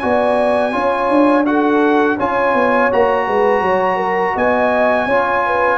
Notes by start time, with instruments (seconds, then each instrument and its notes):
0.00 tuba B3, trombone F#4, horn D5, trumpet G#5
0.73 tuba C#4, trombone F4, horn C#5
1.10 tuba D4
1.46 trombone F#4, horn A4, trumpet F#5
2.17 tuba C#4, trombone F4, horn C#5, trumpet G#5
2.54 tuba B3
2.92 tuba A#3, trombone F#4, trumpet A#5
3.27 tuba G#3, horn B4
3.62 tuba F#3, horn C#5
3.97 horn A#4
4.36 tuba B3, horn D#5, trumpet G#5
5.07 tuba C#4, trombone F4, horn C#5
5.46 horn B4